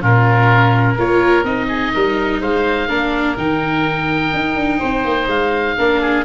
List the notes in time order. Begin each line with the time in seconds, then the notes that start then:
0.00 A#2 C#4 F4 A#4
0.94 A#3 F4 A#4 C#5
1.43 C4 D#4 D#5
1.68 G#4
1.94 G3 A#4
2.40 G#3 C5 F5
2.88 A#3 D4 A#4
3.37 D#3 D#4 G5
4.33 D#4
4.55 D4
4.79 C4 C5
5.04 A#3
5.27 G#3 F5
5.78 A#3 D4 A#4
6.01 G#4